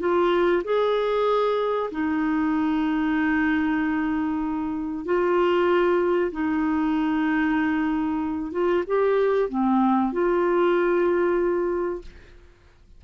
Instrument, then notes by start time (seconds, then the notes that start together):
clarinet
0.00 F4
0.64 G#4
1.91 D#4
5.05 F4
6.32 D#4
8.52 F4
8.87 G4
9.49 C4
10.13 F4